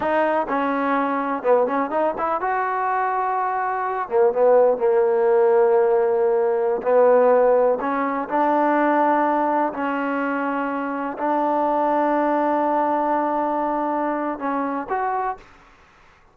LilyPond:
\new Staff \with { instrumentName = "trombone" } { \time 4/4 \tempo 4 = 125 dis'4 cis'2 b8 cis'8 | dis'8 e'8 fis'2.~ | fis'8 ais8 b4 ais2~ | ais2~ ais16 b4.~ b16~ |
b16 cis'4 d'2~ d'8.~ | d'16 cis'2. d'8.~ | d'1~ | d'2 cis'4 fis'4 | }